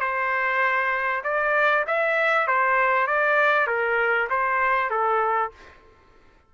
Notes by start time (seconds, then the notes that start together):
0.00 C5
1.24 D5
1.87 E5
2.47 C5
3.07 D5
3.67 A#4
4.30 C5
4.90 A4